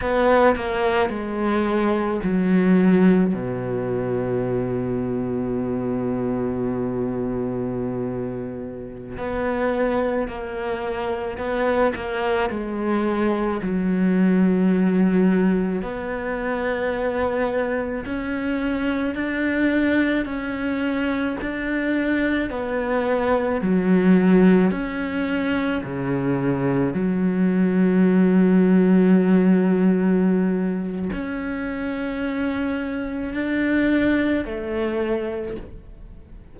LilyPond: \new Staff \with { instrumentName = "cello" } { \time 4/4 \tempo 4 = 54 b8 ais8 gis4 fis4 b,4~ | b,1~ | b,16 b4 ais4 b8 ais8 gis8.~ | gis16 fis2 b4.~ b16~ |
b16 cis'4 d'4 cis'4 d'8.~ | d'16 b4 fis4 cis'4 cis8.~ | cis16 fis2.~ fis8. | cis'2 d'4 a4 | }